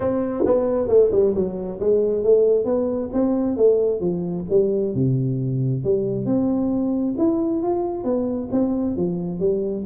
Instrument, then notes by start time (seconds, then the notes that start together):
tuba
0.00 C4
0.45 B3
0.88 A3
1.11 G3
1.34 F#3
1.80 G#3
2.23 A3
2.64 B3
3.12 C4
3.56 A3
4.00 F3
4.49 G3
4.94 C3
5.84 G3
6.25 C4
7.17 E4
7.63 F4
8.04 B3
8.51 C4
8.96 F3
9.39 G3